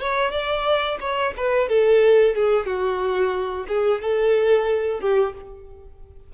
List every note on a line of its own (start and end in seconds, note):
0.00 0.31 C#5
0.31 0.98 D5
1.00 1.33 C#5
1.36 1.68 B4
1.68 2.35 A4
2.35 2.65 G#4
2.65 3.65 F#4
3.68 4.01 G#4
4.02 5.00 A4
5.00 5.33 G4